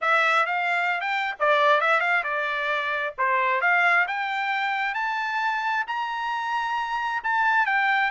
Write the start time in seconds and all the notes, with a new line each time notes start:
0.01 E5
0.46 F5
1.00 G5
1.39 D5
1.80 E5
2.00 F5
2.23 D5
3.18 C5
3.61 F5
4.07 G5
4.94 A5
5.87 A#5
7.23 A5
7.66 G5